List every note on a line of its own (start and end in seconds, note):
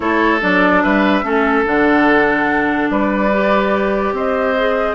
0.00 0.41 A3
0.00 0.40 E4
0.00 0.83 A4
0.00 0.41 C#5
0.41 0.83 F#3
0.41 1.23 D4
0.41 0.82 D5
0.82 1.22 G3
0.82 1.24 B4
0.82 1.65 E5
1.22 1.64 A3
1.22 1.64 C#4
1.22 2.90 A4
1.65 2.90 D3
1.65 3.31 D4
1.65 2.90 F#5
2.90 4.12 G3
2.90 4.14 B4
2.90 4.14 D5
3.32 4.56 G4
4.12 4.94 C4
4.12 4.95 C5
4.12 4.95 D#5
4.56 4.95 G#4